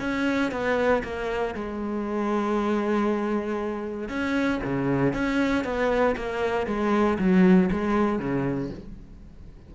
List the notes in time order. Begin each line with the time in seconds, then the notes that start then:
0.00 C#4
0.51 B3
1.03 A#3
1.55 G#3
4.09 C#4
4.64 C#3
5.14 C#4
5.64 B3
6.16 A#3
6.67 G#3
7.19 F#3
7.71 G#3
8.19 C#3